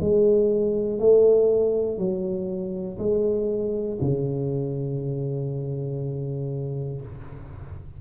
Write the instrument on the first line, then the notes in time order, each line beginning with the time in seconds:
tuba
0.00 G#3
0.99 A3
1.98 F#3
2.98 G#3
4.01 C#3